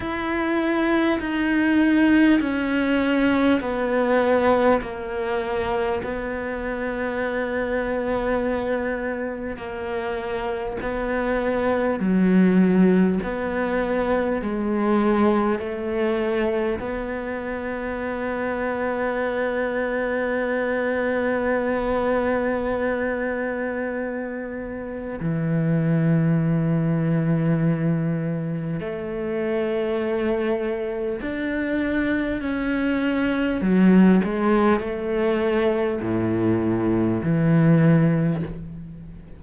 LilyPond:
\new Staff \with { instrumentName = "cello" } { \time 4/4 \tempo 4 = 50 e'4 dis'4 cis'4 b4 | ais4 b2. | ais4 b4 fis4 b4 | gis4 a4 b2~ |
b1~ | b4 e2. | a2 d'4 cis'4 | fis8 gis8 a4 a,4 e4 | }